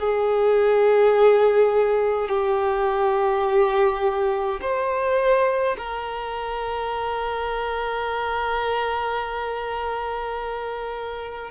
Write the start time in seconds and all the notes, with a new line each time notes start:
0.00 G#4
2.29 G4
4.62 C5
5.78 A#4